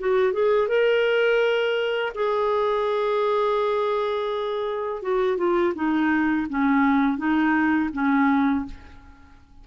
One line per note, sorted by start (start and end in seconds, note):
0.00 0.34 F#4
0.34 0.69 G#4
0.69 2.13 A#4
2.15 5.03 G#4
5.03 5.38 F#4
5.38 5.74 F4
5.75 6.48 D#4
6.50 7.18 C#4
7.18 7.91 D#4
7.94 8.66 C#4